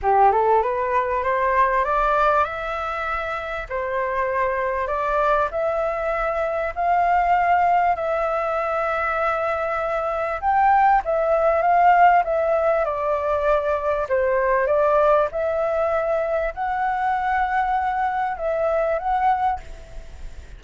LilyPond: \new Staff \with { instrumentName = "flute" } { \time 4/4 \tempo 4 = 98 g'8 a'8 b'4 c''4 d''4 | e''2 c''2 | d''4 e''2 f''4~ | f''4 e''2.~ |
e''4 g''4 e''4 f''4 | e''4 d''2 c''4 | d''4 e''2 fis''4~ | fis''2 e''4 fis''4 | }